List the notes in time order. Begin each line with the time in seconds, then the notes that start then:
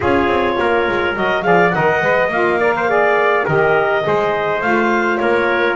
0.00 C#4 F4 G#4 C#5
0.27 C4
0.59 A#3 A#4
0.88 G#3
1.15 F#3 F#4 D#5
1.42 F3 G#4 D5 F5
1.70 D#3 A#4 D#5 F#5
2.01 G#3 B4
2.28 A#3 F4 F5
2.59 A#4 D5
2.76 C5
2.87 G#4 D5
3.45 D#3 G4 A#4 D#5
4.02 G#3 G#4 C5
4.60 A3 F4 F5
5.17 A#3 A#4 C#5